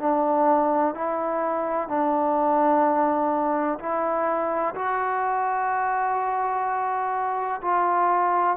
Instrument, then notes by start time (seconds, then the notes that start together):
trombone
0.00 D4
0.95 E4
1.89 D4
3.79 E4
4.75 F#4
7.62 F4